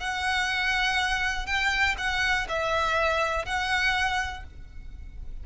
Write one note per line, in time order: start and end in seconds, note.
0.00 1.47 F#5
1.47 1.96 G5
1.98 2.47 F#5
2.49 3.46 E5
3.46 4.44 F#5